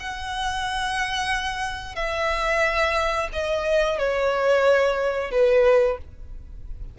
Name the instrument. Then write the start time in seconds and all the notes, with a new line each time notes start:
violin
0.00 F#5
1.95 E5
3.33 D#5
3.98 C#5
5.31 B4